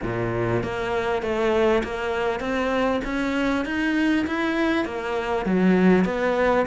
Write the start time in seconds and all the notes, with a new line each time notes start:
0.02 A#2
0.63 A#3
1.22 A3
1.83 A#3
2.40 C4
3.04 C#4
3.65 D#4
4.26 E4
4.85 A#3
5.45 F#3
6.04 B3